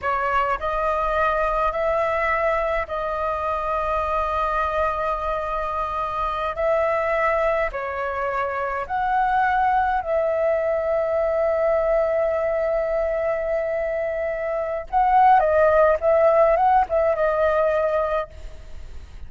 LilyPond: \new Staff \with { instrumentName = "flute" } { \time 4/4 \tempo 4 = 105 cis''4 dis''2 e''4~ | e''4 dis''2.~ | dis''2.~ dis''8 e''8~ | e''4. cis''2 fis''8~ |
fis''4. e''2~ e''8~ | e''1~ | e''2 fis''4 dis''4 | e''4 fis''8 e''8 dis''2 | }